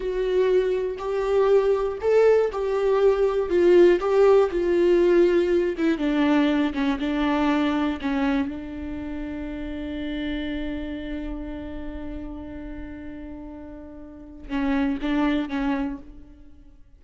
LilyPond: \new Staff \with { instrumentName = "viola" } { \time 4/4 \tempo 4 = 120 fis'2 g'2 | a'4 g'2 f'4 | g'4 f'2~ f'8 e'8 | d'4. cis'8 d'2 |
cis'4 d'2.~ | d'1~ | d'1~ | d'4 cis'4 d'4 cis'4 | }